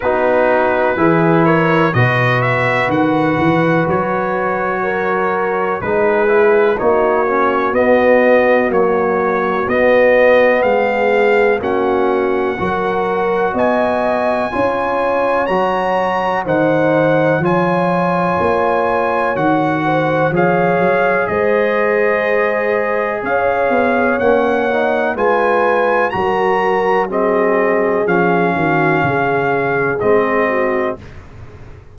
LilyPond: <<
  \new Staff \with { instrumentName = "trumpet" } { \time 4/4 \tempo 4 = 62 b'4. cis''8 dis''8 e''8 fis''4 | cis''2 b'4 cis''4 | dis''4 cis''4 dis''4 f''4 | fis''2 gis''2 |
ais''4 fis''4 gis''2 | fis''4 f''4 dis''2 | f''4 fis''4 gis''4 ais''4 | dis''4 f''2 dis''4 | }
  \new Staff \with { instrumentName = "horn" } { \time 4/4 fis'4 gis'8 ais'8 b'2~ | b'4 ais'4 gis'4 fis'4~ | fis'2. gis'4 | fis'4 ais'4 dis''4 cis''4~ |
cis''4 c''4 cis''2~ | cis''8 c''8 cis''4 c''2 | cis''2 b'4 ais'4 | gis'4. fis'8 gis'4. fis'8 | }
  \new Staff \with { instrumentName = "trombone" } { \time 4/4 dis'4 e'4 fis'2~ | fis'2 dis'8 e'8 dis'8 cis'8 | b4 fis4 b2 | cis'4 fis'2 f'4 |
fis'4 dis'4 f'2 | fis'4 gis'2.~ | gis'4 cis'8 dis'8 f'4 fis'4 | c'4 cis'2 c'4 | }
  \new Staff \with { instrumentName = "tuba" } { \time 4/4 b4 e4 b,4 dis8 e8 | fis2 gis4 ais4 | b4 ais4 b4 gis4 | ais4 fis4 b4 cis'4 |
fis4 dis4 f4 ais4 | dis4 f8 fis8 gis2 | cis'8 b8 ais4 gis4 fis4~ | fis4 f8 dis8 cis4 gis4 | }
>>